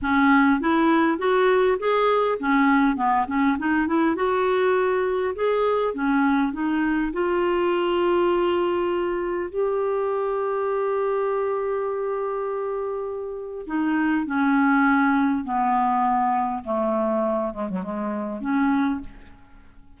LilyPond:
\new Staff \with { instrumentName = "clarinet" } { \time 4/4 \tempo 4 = 101 cis'4 e'4 fis'4 gis'4 | cis'4 b8 cis'8 dis'8 e'8 fis'4~ | fis'4 gis'4 cis'4 dis'4 | f'1 |
g'1~ | g'2. dis'4 | cis'2 b2 | a4. gis16 fis16 gis4 cis'4 | }